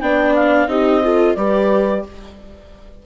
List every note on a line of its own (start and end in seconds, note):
0.00 0.67 B3
0.00 0.68 D4
0.00 0.69 D5
0.00 0.34 G5
0.35 0.68 F5
0.67 1.35 C4
0.67 1.02 D#4
0.67 1.03 G4
0.67 1.35 D#5
1.03 1.37 F4
1.03 1.37 A4
1.35 2.04 G3
1.35 2.05 G4
1.35 2.05 B4
1.35 2.03 D5